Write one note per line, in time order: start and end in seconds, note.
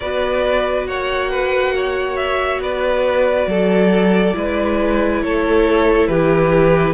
0.00 0.86 B3
0.00 4.32 F#4
0.00 0.87 B4
0.00 0.86 D5
0.86 2.59 A#3
0.86 1.30 C#5
0.86 2.16 F#5
1.30 1.73 B4
1.75 2.62 C#5
2.16 2.60 E5
2.59 3.46 B3
2.59 3.48 B4
2.59 5.22 D5
3.46 4.33 F#3
3.46 4.35 A4
4.32 5.22 G#3
4.32 6.93 E4
4.32 5.23 B4
5.22 6.07 A3
5.22 6.09 A4
5.22 6.07 C#5
6.07 6.93 E3
6.07 6.93 G4
6.07 6.93 B4